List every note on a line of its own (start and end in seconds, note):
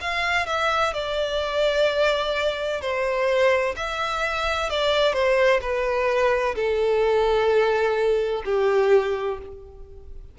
0.00 0.46 F5
0.46 0.93 E5
0.93 2.81 D5
2.81 3.75 C5
3.76 4.70 E5
4.70 5.13 D5
5.13 5.60 C5
5.61 6.55 B4
6.55 8.43 A4
8.45 9.38 G4